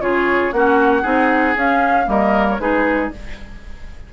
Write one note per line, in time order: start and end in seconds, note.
0.00 0.52 C#3
0.00 0.52 F4
0.00 0.54 G#4
0.00 0.52 C#5
0.52 1.03 A#3
0.52 1.03 C#4
0.52 1.02 F#4
0.52 1.56 F#5
1.02 1.55 C4
1.02 1.54 D#4
1.02 2.05 G#4
1.55 2.05 C#4
1.55 2.07 C#4
1.55 2.09 F5
2.05 2.59 G3
2.05 2.56 A#3
2.05 2.61 A#4
2.05 2.48 D#5
2.49 2.59 C#5
2.59 3.10 G#3
2.59 3.11 D#4
2.59 3.13 G#4
2.59 3.11 B4